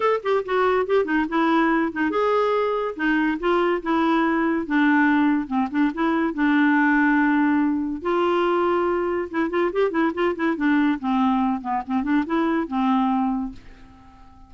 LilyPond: \new Staff \with { instrumentName = "clarinet" } { \time 4/4 \tempo 4 = 142 a'8 g'8 fis'4 g'8 dis'8 e'4~ | e'8 dis'8 gis'2 dis'4 | f'4 e'2 d'4~ | d'4 c'8 d'8 e'4 d'4~ |
d'2. f'4~ | f'2 e'8 f'8 g'8 e'8 | f'8 e'8 d'4 c'4. b8 | c'8 d'8 e'4 c'2 | }